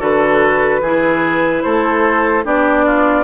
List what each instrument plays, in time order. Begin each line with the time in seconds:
0.00 bassoon D3, clarinet F#4, oboe A4, flute B4
0.81 bassoon E3, clarinet E4, oboe G#4
1.63 bassoon A3, oboe A4, flute C5
2.45 bassoon B3, clarinet D4, oboe G4, flute D5
2.86 oboe F4